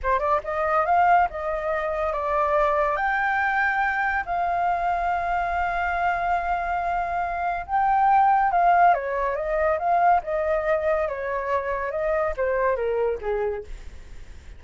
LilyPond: \new Staff \with { instrumentName = "flute" } { \time 4/4 \tempo 4 = 141 c''8 d''8 dis''4 f''4 dis''4~ | dis''4 d''2 g''4~ | g''2 f''2~ | f''1~ |
f''2 g''2 | f''4 cis''4 dis''4 f''4 | dis''2 cis''2 | dis''4 c''4 ais'4 gis'4 | }